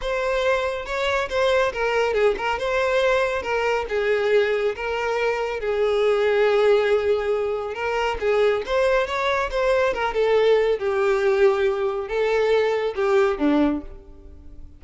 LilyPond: \new Staff \with { instrumentName = "violin" } { \time 4/4 \tempo 4 = 139 c''2 cis''4 c''4 | ais'4 gis'8 ais'8 c''2 | ais'4 gis'2 ais'4~ | ais'4 gis'2.~ |
gis'2 ais'4 gis'4 | c''4 cis''4 c''4 ais'8 a'8~ | a'4 g'2. | a'2 g'4 d'4 | }